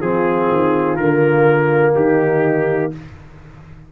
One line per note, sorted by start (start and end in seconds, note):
0.00 0.50 F3
0.00 0.98 C4
0.00 1.94 F4
0.00 0.97 G#4
0.51 0.98 D#3
0.97 1.95 D3
0.97 2.93 A#3
0.97 1.93 A#4
1.95 2.93 D#3
1.95 2.92 D#4
1.95 2.93 G4